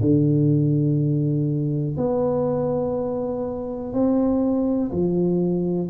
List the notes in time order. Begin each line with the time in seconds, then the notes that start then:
0.00 D3
1.97 B3
3.93 C4
4.91 F3